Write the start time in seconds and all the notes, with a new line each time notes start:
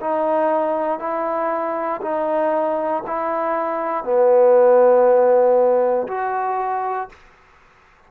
0.00 D#4
0.99 E4
2.02 D#4
3.06 E4
4.04 B3
6.07 F#4